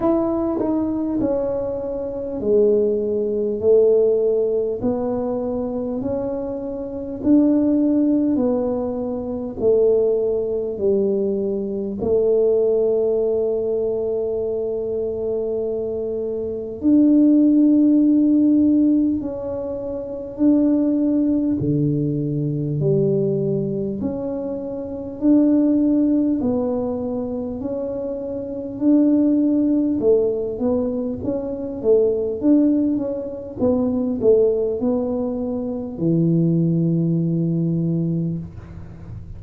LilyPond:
\new Staff \with { instrumentName = "tuba" } { \time 4/4 \tempo 4 = 50 e'8 dis'8 cis'4 gis4 a4 | b4 cis'4 d'4 b4 | a4 g4 a2~ | a2 d'2 |
cis'4 d'4 d4 g4 | cis'4 d'4 b4 cis'4 | d'4 a8 b8 cis'8 a8 d'8 cis'8 | b8 a8 b4 e2 | }